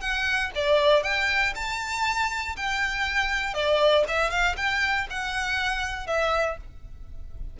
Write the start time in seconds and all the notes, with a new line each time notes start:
0.00 F#5
0.55 D5
1.03 G5
1.55 A5
2.56 G5
3.54 D5
4.08 E5
4.30 F5
4.56 G5
5.10 F#5
6.06 E5